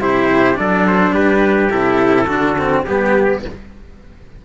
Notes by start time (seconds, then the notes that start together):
0.00 C3 E4 G4 C5
0.54 F#3 D4 A4 D5
0.87 C5
1.12 G3 G4 B4
1.70 C3 E4 A4
2.27 D3 D4 F#4
2.58 C4
2.85 G3 B3 G4